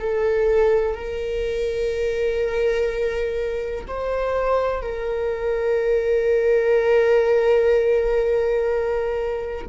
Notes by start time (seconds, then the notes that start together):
0.00 A4
0.95 A#4
3.87 C5
4.82 A#4